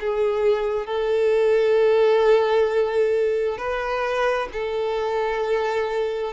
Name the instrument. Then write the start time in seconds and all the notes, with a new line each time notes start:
violin
0.00 G#4
0.86 A4
3.57 B4
4.52 A4